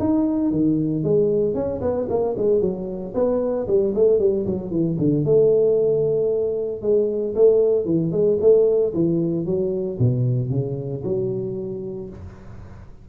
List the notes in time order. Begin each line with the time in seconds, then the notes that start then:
0.00 D#4
0.51 D#3
1.04 G#3
1.55 C#4
1.82 B3
2.10 A#3
2.38 G#3
2.61 F#3
3.15 B3
3.68 G3
3.95 A3
4.20 G3
4.46 F#3
4.71 E3
4.99 D3
5.25 A3
6.82 G#3
7.35 A3
7.86 E3
8.12 G#3
8.41 A3
8.94 E3
9.46 F#3
9.99 B2
10.51 C#3
11.04 F#3